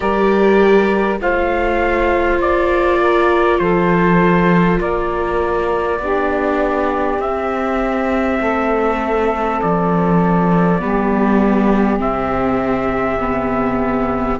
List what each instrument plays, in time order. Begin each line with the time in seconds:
0.00 cello G3, viola G4, saxophone A#4, trumpet D5
1.20 cello A3, viola F4, saxophone C5, trumpet F5
2.39 cello A#3, trumpet D5
2.99 saxophone A#4
3.58 cello F3, saxophone A4, trumpet C5
4.79 cello A#3, saxophone A#4, trumpet D5
5.99 cello B3, viola D4, saxophone G4
7.19 cello C4, viola C4, trumpet E5
8.39 cello A3, saxophone A4
9.61 cello F3, trumpet D5
10.79 cello G3, viola B3, saxophone G4
11.98 cello C3, viola C4, trumpet E5
13.20 viola B3